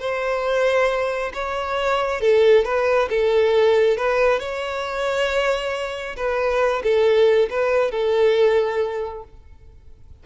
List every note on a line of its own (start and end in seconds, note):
0.00 1.32 C5
1.34 2.21 C#5
2.21 2.65 A4
2.65 3.09 B4
3.10 3.97 A4
3.97 4.40 B4
4.40 6.16 C#5
6.17 6.83 B4
6.83 7.50 A4
7.50 7.92 B4
7.92 9.24 A4